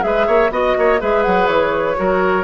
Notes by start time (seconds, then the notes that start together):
0.00 G#3 G#4 B4 E5
0.27 A#3 C#5
0.50 B3 F#4 D#5
0.78 A#3 C#5
0.99 G#3 G#4 B4 E5
1.23 F#3 F#5
1.47 E3 C#5
1.95 F#3 F#4 A#4